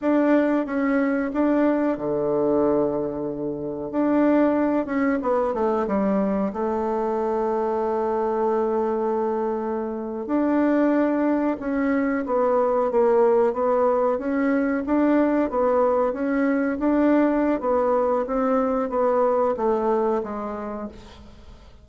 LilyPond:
\new Staff \with { instrumentName = "bassoon" } { \time 4/4 \tempo 4 = 92 d'4 cis'4 d'4 d4~ | d2 d'4. cis'8 | b8 a8 g4 a2~ | a2.~ a8. d'16~ |
d'4.~ d'16 cis'4 b4 ais16~ | ais8. b4 cis'4 d'4 b16~ | b8. cis'4 d'4~ d'16 b4 | c'4 b4 a4 gis4 | }